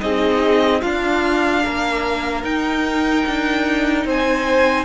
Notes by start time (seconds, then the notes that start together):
0.00 C4 D#4 G#4 D#5
0.82 D4 F4 F5
1.64 A#3 A#4
2.44 D#4 G5
3.27 D4
4.05 C4 C5 G#5